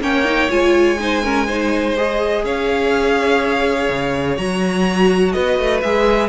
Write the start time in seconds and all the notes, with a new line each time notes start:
0.00 A#3 C#4 C#5 G5
0.24 D#4
0.49 G#3 F4 G#5
0.99 D#4 C5
1.23 C#4 A#4
1.46 D#4 C5
1.96 G#4 D#5
2.44 C#4 C#5 F5
3.89 C#3
4.36 F#3 F#4 A#5
5.32 B3 B4 D#5
5.59 A3
5.81 G#3 G#4 E5